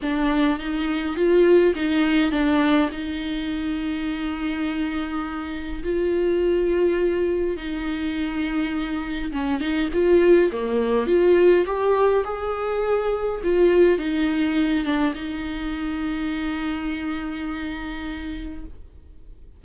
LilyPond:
\new Staff \with { instrumentName = "viola" } { \time 4/4 \tempo 4 = 103 d'4 dis'4 f'4 dis'4 | d'4 dis'2.~ | dis'2 f'2~ | f'4 dis'2. |
cis'8 dis'8 f'4 ais4 f'4 | g'4 gis'2 f'4 | dis'4. d'8 dis'2~ | dis'1 | }